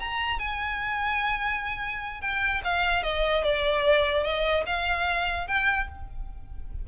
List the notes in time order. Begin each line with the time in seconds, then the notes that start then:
0.00 A#5
0.39 G#5
2.21 G5
2.64 F5
3.03 D#5
3.44 D5
4.23 D#5
4.66 F5
5.47 G5